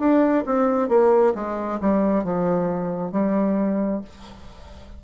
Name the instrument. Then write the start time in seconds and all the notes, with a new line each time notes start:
bassoon
0.00 D4
0.46 C4
0.89 A#3
1.35 G#3
1.81 G3
2.24 F3
3.12 G3